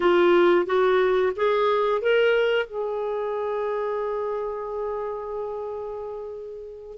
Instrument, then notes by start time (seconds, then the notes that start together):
clarinet
0.00 F4
0.66 F#4
1.35 G#4
2.01 A#4
2.66 G#4